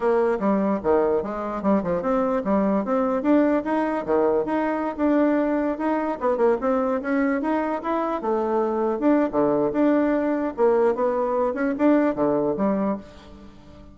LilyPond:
\new Staff \with { instrumentName = "bassoon" } { \time 4/4 \tempo 4 = 148 ais4 g4 dis4 gis4 | g8 f8 c'4 g4 c'4 | d'4 dis'4 dis4 dis'4~ | dis'16 d'2 dis'4 b8 ais16~ |
ais16 c'4 cis'4 dis'4 e'8.~ | e'16 a2 d'8. d4 | d'2 ais4 b4~ | b8 cis'8 d'4 d4 g4 | }